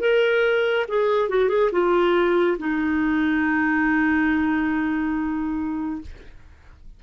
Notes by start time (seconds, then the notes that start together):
0.00 A#4
0.88 G#4
1.29 F#4
1.49 G#4
1.72 F4
2.59 D#4